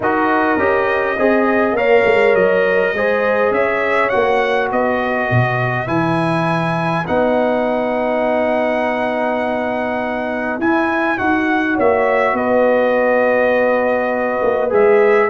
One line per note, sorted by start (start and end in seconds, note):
0.00 0.58 D#4
0.00 0.58 F#4
0.00 1.17 A#4
0.00 1.76 D#5
0.58 1.16 C#4
0.58 1.17 G4
1.17 1.72 C4
1.17 1.77 G#4
1.17 1.75 D#5
1.72 2.01 A#3
1.72 2.94 A#4
1.72 2.95 C#5
1.72 2.35 F5
2.05 2.34 G#3
2.34 2.93 F#3
2.34 3.53 D#5
2.93 3.50 G#3
2.93 4.11 G#4
2.93 3.54 C5
3.50 4.09 C#4
3.50 4.71 C#5
3.50 4.09 E5
4.09 4.71 A#3
4.09 5.86 F#4
4.09 4.68 F#5
4.71 5.30 B3
4.71 11.75 B4
4.71 5.87 D#5
5.30 5.87 B2
5.86 7.05 E3
5.86 7.04 E4
5.86 7.05 G#5
7.06 10.59 B3
7.06 10.60 D#4
7.06 10.59 F#5
10.59 11.17 E4
10.59 11.18 G#5
11.17 11.78 D#4
11.17 14.69 F#4
11.17 11.76 F#5
11.75 12.33 A#3
11.75 12.33 C#5
11.75 12.36 E5
12.33 14.39 B3
12.33 15.29 B4
12.33 14.71 D#5
14.42 14.71 A#3
14.69 15.29 G#3
14.69 15.28 G#4
14.69 15.29 E5